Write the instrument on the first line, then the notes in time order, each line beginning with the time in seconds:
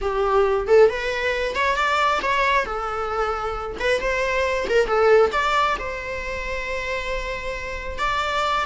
viola
0.01 G4
0.67 A4
0.89 B4
1.55 C#5
1.76 D5
2.22 C#5
2.65 A4
3.79 B4
4.00 C5
4.69 A#4
4.86 A4
5.32 D5
5.79 C5
7.98 D5